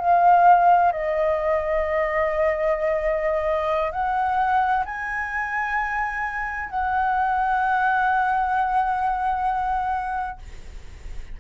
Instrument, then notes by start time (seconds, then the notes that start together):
flute
0.00 F5
0.92 D#5
3.92 F#5
4.85 G#5
6.70 F#5